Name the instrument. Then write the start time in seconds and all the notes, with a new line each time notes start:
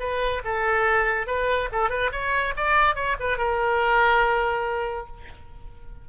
oboe
0.00 B4
0.45 A4
1.27 B4
1.72 A4
1.90 B4
2.12 C#5
2.57 D5
2.96 C#5
3.20 B4
3.38 A#4